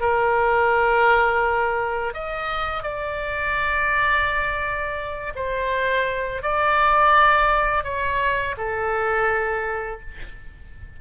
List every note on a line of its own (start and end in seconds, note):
0.00 2.14 A#4
2.14 2.83 D#5
2.83 5.33 D5
5.35 6.42 C5
6.42 7.84 D5
7.84 8.55 C#5
8.57 10.00 A4